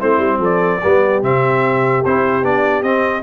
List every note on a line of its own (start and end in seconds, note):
0.00 0.18 A3
0.00 0.81 C4
0.00 0.39 E4
0.00 0.41 C5
0.18 0.39 G3
0.39 0.79 F3
0.39 0.80 A4
0.45 1.24 D5
0.83 1.23 G3
0.83 1.23 B3
0.83 3.23 G4
1.23 2.04 C3
1.23 2.04 C4
1.23 2.05 E5
2.05 2.43 C4
2.05 2.43 E4
2.05 2.45 C5
2.43 2.83 B3
2.43 2.84 D4
2.43 2.83 D5
2.83 3.23 C4
2.83 3.23 D#5